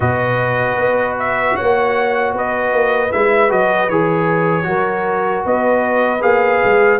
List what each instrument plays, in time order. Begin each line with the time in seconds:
0.00 tuba B2, trombone F#4, horn B4, trumpet D#5
0.77 tuba B3
1.19 trumpet E5
1.55 tuba A#3, horn C#5, trumpet F#5
2.33 tuba B3, horn B4, trumpet D#5
2.72 tuba A#3
3.12 tuba G#3, trombone E4, trumpet E5
3.49 tuba F#3, trombone F#4, trumpet D#5
3.89 tuba E3, trombone G#4, trumpet C#5
4.63 tuba F#3, trombone F#4, horn A#4
5.45 tuba B3, horn B4, trumpet D#5
6.20 tuba A#3, trombone G#4, trumpet F5
6.63 tuba G#3